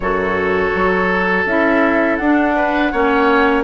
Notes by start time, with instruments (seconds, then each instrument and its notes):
0.00 bassoon F#2, clarinet F#4, oboe A4, flute C#5
0.74 bassoon F#3
1.45 bassoon C#4, clarinet E4, flute E5
2.16 bassoon D4, flute F#5
2.24 clarinet D4
2.55 oboe B4
2.91 bassoon A#3, clarinet C#4, oboe C#5